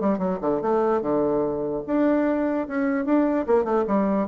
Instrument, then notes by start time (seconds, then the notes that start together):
bassoon
0.00 G3
0.18 F#3
0.41 D3
0.61 A3
1.01 D3
1.87 D4
2.68 C#4
3.05 D4
3.46 A#3
3.64 A3
3.87 G3